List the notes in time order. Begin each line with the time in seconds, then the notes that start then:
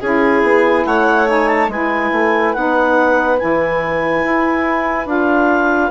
0.00 C#4 E4 G#4 G#5
0.42 B3
0.85 A3 C#5 F#5
1.26 D#4 G#5
1.48 A5
1.68 G#3 E4 B4 G#5
2.12 A3
2.53 B3 D#4 F#5
3.38 E3 E4 G#5
4.24 E4
5.06 D4 F4 F5